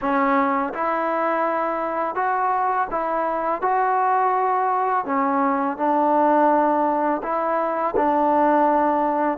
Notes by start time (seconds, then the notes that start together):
0.01 C#4
0.73 E4
2.15 F#4
2.90 E4
3.61 F#4
5.05 C#4
5.77 D4
7.22 E4
7.96 D4